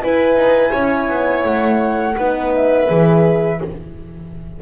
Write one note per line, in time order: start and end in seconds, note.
0.00 2.14 E4
0.00 0.35 E4
0.00 0.71 B4
0.00 1.45 G#5
0.35 0.71 D#4
0.71 1.08 C#4
0.71 2.14 C#5
1.08 1.43 B3
1.43 2.15 A3
1.43 2.52 F#5
2.16 2.89 B3
2.16 2.87 D#4
2.16 3.60 B4
2.54 3.61 E5
2.87 3.61 E3
2.87 3.58 G#4